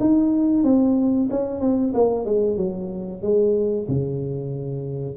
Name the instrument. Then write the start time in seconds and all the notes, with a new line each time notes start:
tuba
0.00 D#4
0.64 C4
1.30 C#4
1.61 C4
1.94 A#3
2.25 G#3
2.57 F#3
3.22 G#3
3.88 C#3